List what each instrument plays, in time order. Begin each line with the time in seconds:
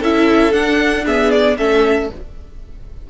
0.00 cello C#4, viola E4, violin A4 E5
0.52 viola D4, cello D4, violin F#5
1.06 viola B3, violin G#4 E5
1.31 violin D5
1.58 cello A3, viola C#4, violin A4 E5